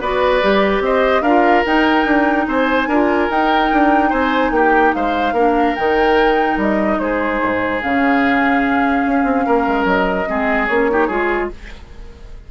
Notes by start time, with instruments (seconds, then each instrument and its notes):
0.00 bassoon B3, clarinet F#4, oboe B4, flute D5
0.41 bassoon G3, clarinet G4
0.80 bassoon C4, oboe C5, flute D#5
1.21 bassoon D4, clarinet F4, oboe A#4, flute F5
1.65 clarinet D#4, bassoon D#4, flute G5
2.05 bassoon D4
2.47 bassoon C4, oboe C5, flute G#5
2.87 bassoon D4, clarinet F4, oboe A#4
3.30 bassoon D#4, clarinet D#4, flute G5
3.72 bassoon D4
4.09 bassoon C4, oboe C5, flute G#5
4.50 bassoon A#3, oboe G4, flute G5
4.93 bassoon G#3, oboe C5, flute F5
5.32 bassoon A#3, clarinet D4, oboe A#4
5.75 bassoon D#3, clarinet D#4, flute G5
6.56 bassoon G3, flute D#5
6.99 bassoon G#3, oboe G#4, flute C5
7.42 bassoon G#2
7.81 bassoon C#3, clarinet C#4, flute F5
9.06 bassoon C#4
9.24 bassoon C4
9.46 bassoon A#3, oboe A#4
9.67 bassoon G#3
9.84 bassoon F#3, flute D#5
10.27 bassoon G#3, clarinet C4, oboe G#4
10.66 bassoon A#3, clarinet C#4, flute C#5
10.90 clarinet D#4, oboe G4
11.07 bassoon G#3, clarinet F4, oboe G#4